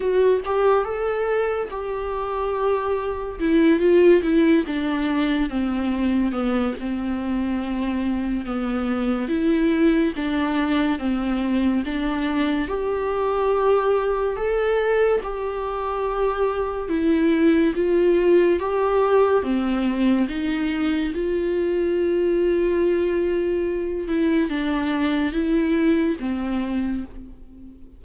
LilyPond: \new Staff \with { instrumentName = "viola" } { \time 4/4 \tempo 4 = 71 fis'8 g'8 a'4 g'2 | e'8 f'8 e'8 d'4 c'4 b8 | c'2 b4 e'4 | d'4 c'4 d'4 g'4~ |
g'4 a'4 g'2 | e'4 f'4 g'4 c'4 | dis'4 f'2.~ | f'8 e'8 d'4 e'4 c'4 | }